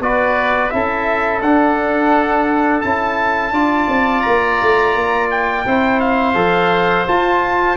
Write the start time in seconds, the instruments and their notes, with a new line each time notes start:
0.00 tuba B3, trombone F#4, oboe B4, trumpet D5
0.71 tuba C#4, trombone E4, oboe A4, trumpet E5
1.42 tuba D4, trombone D4, trumpet F#5
2.81 tuba C#4, trombone E4, trumpet A5
3.52 tuba D4, trombone F4, oboe D5
3.88 tuba C4
4.22 tuba A#3, trumpet A#5
4.62 tuba A3
4.96 tuba A#3
5.31 trumpet G5
5.66 tuba C4, trombone E4, oboe C5
6.01 trumpet F5
6.35 tuba F3, trombone A4
7.07 trombone F4, tuba F4, trumpet A5